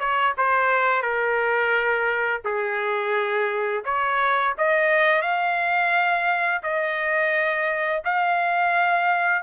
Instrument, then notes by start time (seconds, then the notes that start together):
trumpet
0.00 C#5
0.38 C5
1.02 A#4
2.45 G#4
3.85 C#5
4.58 D#5
5.22 F5
6.63 D#5
8.05 F5